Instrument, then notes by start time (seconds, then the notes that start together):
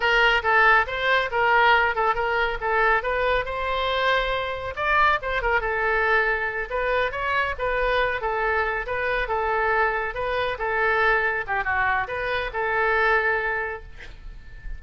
oboe
0.00 A#4
0.42 A4
0.86 C5
1.31 A#4
1.95 A4
2.15 A#4
2.60 A4
3.02 B4
3.45 C5
4.76 D5
5.21 C5
5.42 A#4
5.60 A4
6.69 B4
7.11 C#5
7.58 B4
8.21 A4
8.86 B4
9.28 A4
10.14 B4
10.58 A4
11.47 G4
11.64 F#4
12.07 B4
12.53 A4